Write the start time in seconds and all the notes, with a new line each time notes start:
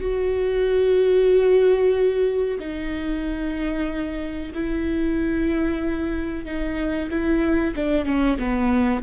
0.00 F#4
2.59 D#4
4.54 E4
6.45 D#4
7.09 E4
7.75 D4
8.05 C#4
8.38 B3